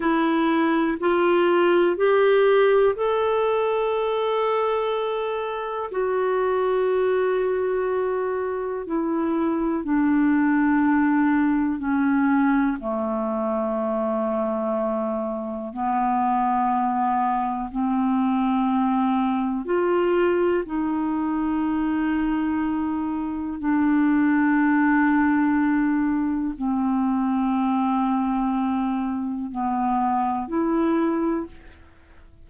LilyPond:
\new Staff \with { instrumentName = "clarinet" } { \time 4/4 \tempo 4 = 61 e'4 f'4 g'4 a'4~ | a'2 fis'2~ | fis'4 e'4 d'2 | cis'4 a2. |
b2 c'2 | f'4 dis'2. | d'2. c'4~ | c'2 b4 e'4 | }